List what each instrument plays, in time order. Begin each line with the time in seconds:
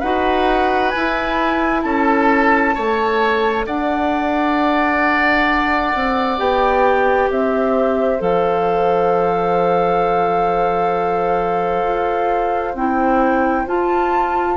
0.00 bassoon D#4, clarinet F#4, oboe B4, flute F#5
0.90 flute G#5
0.96 bassoon E4, clarinet E4
1.82 bassoon C#4, oboe A4, flute A5
2.75 bassoon A3, clarinet A4, oboe C#5
3.67 bassoon D4, oboe D5, flute F#5
5.95 bassoon C4
6.38 bassoon B3, clarinet G4, flute G5
7.30 bassoon C4, oboe C5, flute E5
8.20 bassoon F3, clarinet A4, flute F5
11.84 bassoon F4
12.75 bassoon C4, clarinet E4, flute G5
13.68 clarinet F4, bassoon F4, flute A5